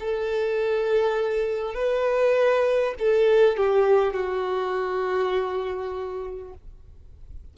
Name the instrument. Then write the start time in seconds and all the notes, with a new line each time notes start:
violin
0.00 A4
1.74 B4
2.99 A4
3.57 G4
4.13 F#4